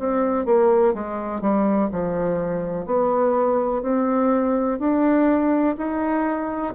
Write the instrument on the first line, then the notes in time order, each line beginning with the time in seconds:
bassoon
0.00 C4
0.46 A#3
0.94 G#3
1.41 G3
1.92 F3
2.86 B3
3.82 C4
4.79 D4
5.78 D#4